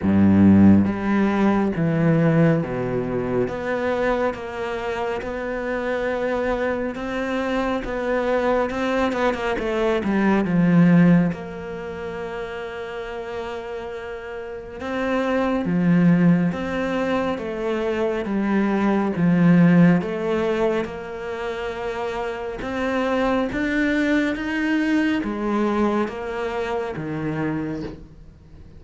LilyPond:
\new Staff \with { instrumentName = "cello" } { \time 4/4 \tempo 4 = 69 g,4 g4 e4 b,4 | b4 ais4 b2 | c'4 b4 c'8 b16 ais16 a8 g8 | f4 ais2.~ |
ais4 c'4 f4 c'4 | a4 g4 f4 a4 | ais2 c'4 d'4 | dis'4 gis4 ais4 dis4 | }